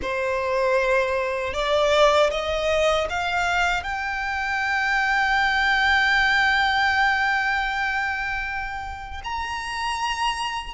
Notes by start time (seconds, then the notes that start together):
0.02 C5
1.53 D5
2.30 D#5
3.09 F5
3.83 G5
9.24 A#5